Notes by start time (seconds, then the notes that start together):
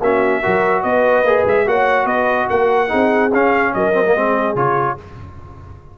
0.00 A#3 C#4 F#4 E5
0.42 F#3 F#4 A#4
0.83 B3 B4 D#5
1.24 A#3 G#4
1.46 G#3 E5
1.67 A#3 F#4 C#5 F#5
2.06 B3 B4 D#5
2.50 A#3 A#4 F#5
2.89 C4 D#4 G#4
3.33 C#4 F5
3.74 F#3 A#4 D#5
3.94 C4
4.06 A#3
4.15 G#3 C4 G#4
4.55 C#3 F4 C#5